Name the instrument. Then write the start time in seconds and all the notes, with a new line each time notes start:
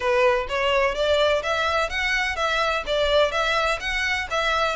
violin
0.00 B4
0.48 C#5
0.94 D5
1.42 E5
1.89 F#5
2.35 E5
2.86 D5
3.31 E5
3.80 F#5
4.30 E5